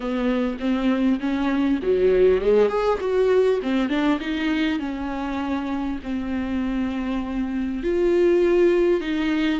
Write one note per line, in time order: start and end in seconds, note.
0.00 0.57 B3
0.59 1.19 C4
1.20 1.80 C#4
1.82 2.41 F#3
2.41 2.68 G#3
2.68 2.98 G#4
3.00 3.60 F#4
3.62 3.89 C4
3.89 4.19 D4
4.20 4.79 D#4
4.79 5.99 C#4
6.03 7.83 C4
7.83 9.00 F4
9.00 9.60 D#4